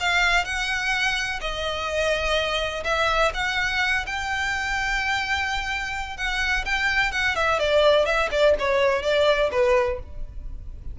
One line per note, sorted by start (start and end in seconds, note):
0.00 0.45 F5
0.45 1.40 F#5
1.41 2.84 D#5
2.84 3.32 E5
3.34 4.05 F#5
4.06 6.17 G5
6.17 6.65 F#5
6.65 7.12 G5
7.12 7.35 F#5
7.35 7.59 E5
7.59 8.06 D5
8.06 8.29 E5
8.31 8.55 D5
8.59 9.03 C#5
9.03 9.50 D5
9.52 9.99 B4